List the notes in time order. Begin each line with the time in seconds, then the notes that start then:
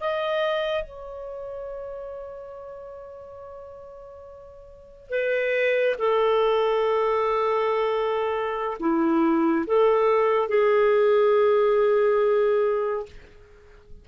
0.00 D#5
0.83 C#5
5.10 B4
5.98 A4
8.80 E4
9.67 A4
10.48 G#4